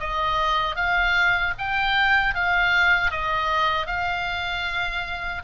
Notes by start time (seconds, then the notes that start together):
0.00 D#5
0.76 F5
1.58 G5
2.34 F5
3.11 D#5
3.86 F5